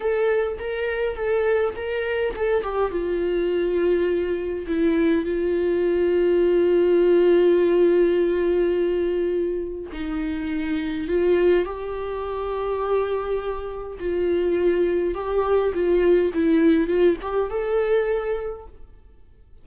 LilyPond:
\new Staff \with { instrumentName = "viola" } { \time 4/4 \tempo 4 = 103 a'4 ais'4 a'4 ais'4 | a'8 g'8 f'2. | e'4 f'2.~ | f'1~ |
f'4 dis'2 f'4 | g'1 | f'2 g'4 f'4 | e'4 f'8 g'8 a'2 | }